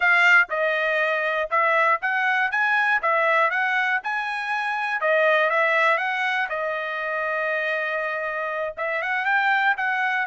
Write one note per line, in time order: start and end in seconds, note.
0.00 0.48 F5
0.49 1.49 D#5
1.50 2.00 E5
2.01 2.51 F#5
2.51 3.01 G#5
3.02 3.50 E5
3.50 4.00 F#5
4.03 5.00 G#5
5.00 5.50 D#5
5.50 5.97 E5
5.97 6.47 F#5
6.49 8.74 D#5
8.77 9.02 E5
9.02 9.25 F#5
9.25 9.75 G5
9.77 10.26 F#5